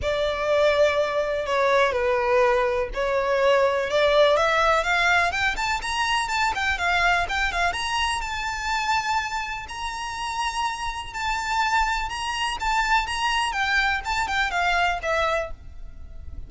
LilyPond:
\new Staff \with { instrumentName = "violin" } { \time 4/4 \tempo 4 = 124 d''2. cis''4 | b'2 cis''2 | d''4 e''4 f''4 g''8 a''8 | ais''4 a''8 g''8 f''4 g''8 f''8 |
ais''4 a''2. | ais''2. a''4~ | a''4 ais''4 a''4 ais''4 | g''4 a''8 g''8 f''4 e''4 | }